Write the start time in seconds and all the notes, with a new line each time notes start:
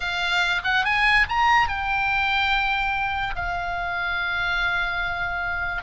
0.00 F5
0.64 F#5
0.84 G#5
1.28 A#5
1.68 G5
3.35 F5